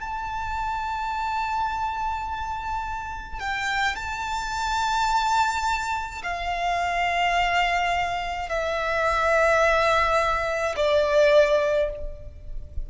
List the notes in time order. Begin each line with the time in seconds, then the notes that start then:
0.00 A5
3.40 G5
3.95 A5
6.23 F5
8.49 E5
10.76 D5